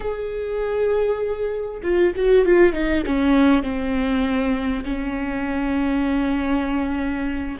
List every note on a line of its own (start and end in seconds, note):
0.00 1.81 G#4
1.83 2.13 F4
2.15 2.45 F#4
2.45 2.72 F4
2.72 3.03 D#4
3.06 3.62 C#4
3.62 4.83 C4
4.84 7.57 C#4